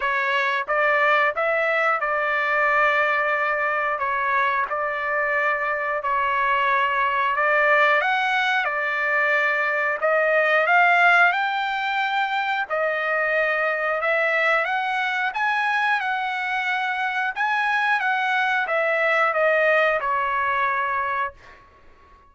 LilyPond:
\new Staff \with { instrumentName = "trumpet" } { \time 4/4 \tempo 4 = 90 cis''4 d''4 e''4 d''4~ | d''2 cis''4 d''4~ | d''4 cis''2 d''4 | fis''4 d''2 dis''4 |
f''4 g''2 dis''4~ | dis''4 e''4 fis''4 gis''4 | fis''2 gis''4 fis''4 | e''4 dis''4 cis''2 | }